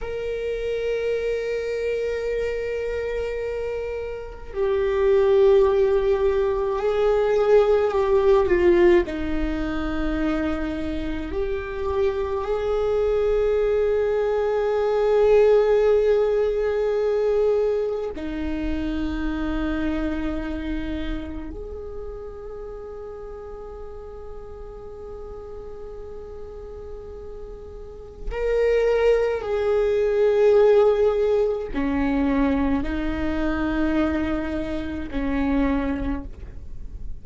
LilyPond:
\new Staff \with { instrumentName = "viola" } { \time 4/4 \tempo 4 = 53 ais'1 | g'2 gis'4 g'8 f'8 | dis'2 g'4 gis'4~ | gis'1 |
dis'2. gis'4~ | gis'1~ | gis'4 ais'4 gis'2 | cis'4 dis'2 cis'4 | }